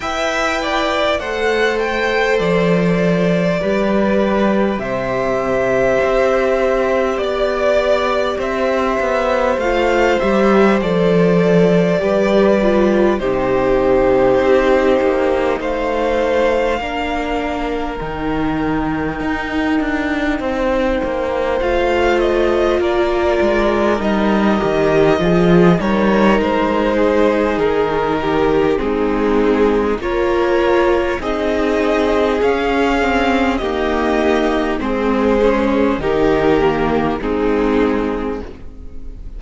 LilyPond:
<<
  \new Staff \with { instrumentName = "violin" } { \time 4/4 \tempo 4 = 50 g''4 fis''8 g''8 d''2 | e''2 d''4 e''4 | f''8 e''8 d''2 c''4~ | c''4 f''2 g''4~ |
g''2 f''8 dis''8 d''4 | dis''4. cis''8 c''4 ais'4 | gis'4 cis''4 dis''4 f''4 | dis''4 c''4 ais'4 gis'4 | }
  \new Staff \with { instrumentName = "violin" } { \time 4/4 e''8 d''8 c''2 b'4 | c''2 d''4 c''4~ | c''2 b'4 g'4~ | g'4 c''4 ais'2~ |
ais'4 c''2 ais'4~ | ais'4 gis'8 ais'4 gis'4 g'8 | dis'4 ais'4 gis'2 | g'4 gis'4 g'4 dis'4 | }
  \new Staff \with { instrumentName = "viola" } { \time 4/4 b'4 a'2 g'4~ | g'1 | f'8 g'8 a'4 g'8 f'8 dis'4~ | dis'2 d'4 dis'4~ |
dis'2 f'2 | dis'8 g'8 f'8 dis'2~ dis'8 | c'4 f'4 dis'4 cis'8 c'8 | ais4 c'8 cis'8 dis'8 ais8 c'4 | }
  \new Staff \with { instrumentName = "cello" } { \time 4/4 e'4 a4 f4 g4 | c4 c'4 b4 c'8 b8 | a8 g8 f4 g4 c4 | c'8 ais8 a4 ais4 dis4 |
dis'8 d'8 c'8 ais8 a4 ais8 gis8 | g8 dis8 f8 g8 gis4 dis4 | gis4 ais4 c'4 cis'4 | dis'4 gis4 dis4 gis4 | }
>>